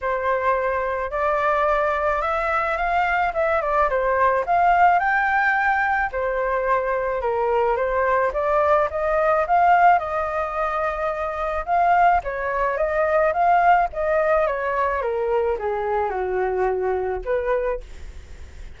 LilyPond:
\new Staff \with { instrumentName = "flute" } { \time 4/4 \tempo 4 = 108 c''2 d''2 | e''4 f''4 e''8 d''8 c''4 | f''4 g''2 c''4~ | c''4 ais'4 c''4 d''4 |
dis''4 f''4 dis''2~ | dis''4 f''4 cis''4 dis''4 | f''4 dis''4 cis''4 ais'4 | gis'4 fis'2 b'4 | }